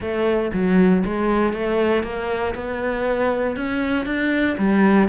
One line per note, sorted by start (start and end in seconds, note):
0.00 0.51 A3
0.53 1.04 F#3
1.05 1.53 G#3
1.53 2.03 A3
2.03 2.54 A#3
2.54 3.56 B3
3.56 4.05 C#4
4.05 4.56 D4
4.57 5.08 G3